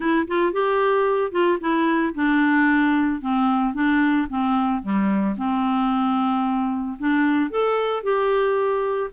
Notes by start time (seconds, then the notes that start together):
0.00 E4
0.27 F4
0.52 G4
1.31 F4
1.60 E4
2.14 D4
3.21 C4
3.74 D4
4.29 C4
4.82 G3
5.37 C4
6.99 D4
7.50 A4
8.03 G4